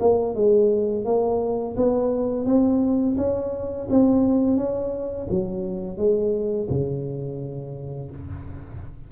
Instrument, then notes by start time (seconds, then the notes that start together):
tuba
0.00 A#3
0.35 G#3
1.05 A#3
1.76 B3
2.46 C4
3.18 C#4
3.90 C4
4.57 C#4
5.30 F#3
5.98 G#3
6.70 C#3